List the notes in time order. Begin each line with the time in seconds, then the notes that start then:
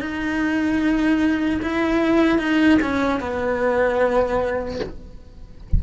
0.00 D#4
1.63 E4
2.39 D#4
2.82 C#4
3.20 B3